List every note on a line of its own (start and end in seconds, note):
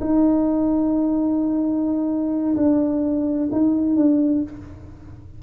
0.00 2.56 D#4
2.56 3.49 D4
3.52 3.96 D#4
3.96 4.43 D4